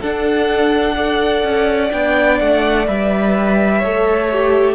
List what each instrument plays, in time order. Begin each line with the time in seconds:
0.00 viola D4, cello D4, violin A4 F#5
0.96 viola A4, violin D5
1.43 cello C#4
1.90 cello B3, viola D4, violin G5
2.39 cello A3, violin F#5
2.87 cello G3, viola B4, violin E5
3.78 cello A3, viola A4, violin C#5
4.32 viola G4